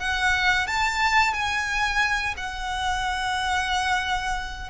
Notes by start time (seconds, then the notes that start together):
0.00 F#5
0.67 A5
1.34 G#5
2.37 F#5